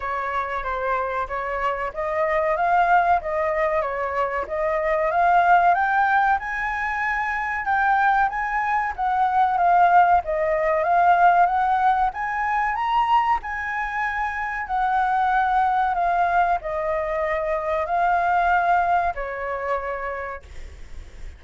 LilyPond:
\new Staff \with { instrumentName = "flute" } { \time 4/4 \tempo 4 = 94 cis''4 c''4 cis''4 dis''4 | f''4 dis''4 cis''4 dis''4 | f''4 g''4 gis''2 | g''4 gis''4 fis''4 f''4 |
dis''4 f''4 fis''4 gis''4 | ais''4 gis''2 fis''4~ | fis''4 f''4 dis''2 | f''2 cis''2 | }